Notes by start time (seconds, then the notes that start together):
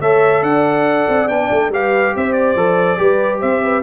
0.00 A3 A4 C#5 E5
0.42 D4 D5 F#5
1.08 C4
1.28 B3 D4 G5
1.51 A3
1.69 G3 G4 B4 F5
2.16 C4 C5 E5
2.32 D5
2.55 F3 A4
2.97 G3 G4 B4
3.40 C4 C5 E5
3.63 B4